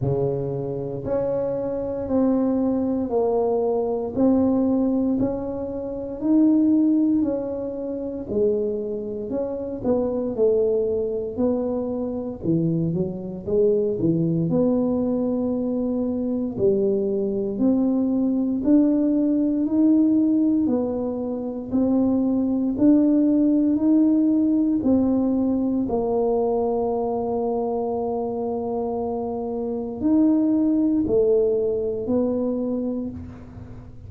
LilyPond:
\new Staff \with { instrumentName = "tuba" } { \time 4/4 \tempo 4 = 58 cis4 cis'4 c'4 ais4 | c'4 cis'4 dis'4 cis'4 | gis4 cis'8 b8 a4 b4 | e8 fis8 gis8 e8 b2 |
g4 c'4 d'4 dis'4 | b4 c'4 d'4 dis'4 | c'4 ais2.~ | ais4 dis'4 a4 b4 | }